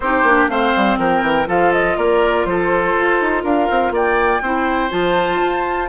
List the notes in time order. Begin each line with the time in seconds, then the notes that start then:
0.00 C4 D#4 G4 C5
0.23 A#3 D4
0.48 A3 C4 C5 F5
0.75 G3
0.98 F3 A#4 G5
1.22 E3
1.46 F3 F4 A4 F5
1.72 D#5
1.97 A#3 A#4 D5
2.45 F3 A4 C5
2.97 F4
3.20 D#4
3.43 D4 A#4 F5
3.70 C4
3.90 A#3 D5 G5
4.41 C4 E4 C5
4.89 F3 F4 A5
5.42 F4